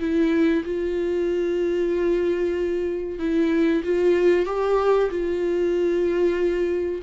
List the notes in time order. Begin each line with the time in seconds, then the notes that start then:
0.00 E4
0.65 F4
3.19 E4
3.84 F4
4.46 G4
5.11 F4